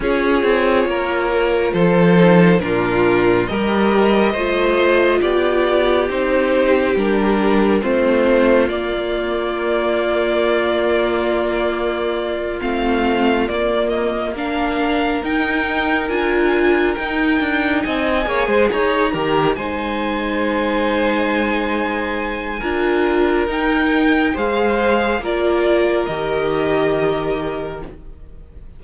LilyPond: <<
  \new Staff \with { instrumentName = "violin" } { \time 4/4 \tempo 4 = 69 cis''2 c''4 ais'4 | dis''2 d''4 c''4 | ais'4 c''4 d''2~ | d''2~ d''8 f''4 d''8 |
dis''8 f''4 g''4 gis''4 g''8~ | g''8 gis''4 ais''4 gis''4.~ | gis''2. g''4 | f''4 d''4 dis''2 | }
  \new Staff \with { instrumentName = "violin" } { \time 4/4 gis'4 ais'4 a'4 f'4 | ais'4 c''4 g'2~ | g'4 f'2.~ | f'1~ |
f'8 ais'2.~ ais'8~ | ais'8 dis''8 cis''16 c''16 cis''8 ais'8 c''4.~ | c''2 ais'2 | c''4 ais'2. | }
  \new Staff \with { instrumentName = "viola" } { \time 4/4 f'2~ f'8 dis'8 d'4 | g'4 f'2 dis'4 | d'4 c'4 ais2~ | ais2~ ais8 c'4 ais8~ |
ais8 d'4 dis'4 f'4 dis'8~ | dis'4 gis'4 g'8 dis'4.~ | dis'2 f'4 dis'4 | gis'4 f'4 g'2 | }
  \new Staff \with { instrumentName = "cello" } { \time 4/4 cis'8 c'8 ais4 f4 ais,4 | g4 a4 b4 c'4 | g4 a4 ais2~ | ais2~ ais8 a4 ais8~ |
ais4. dis'4 d'4 dis'8 | d'8 c'8 ais16 gis16 dis'8 dis8 gis4.~ | gis2 d'4 dis'4 | gis4 ais4 dis2 | }
>>